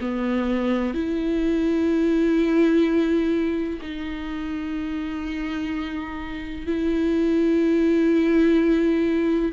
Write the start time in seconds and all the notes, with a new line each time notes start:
0.00 B3
0.94 E4
3.81 D#4
6.67 E4